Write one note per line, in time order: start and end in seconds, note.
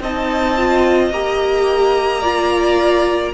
0.00 1.11 C4
0.00 0.57 D#4
0.00 2.21 D#5
0.00 1.12 A5
0.57 1.12 F4
1.11 3.33 A#3
1.11 2.22 G4
1.11 3.34 A#5
2.21 3.33 F4
2.21 3.32 D5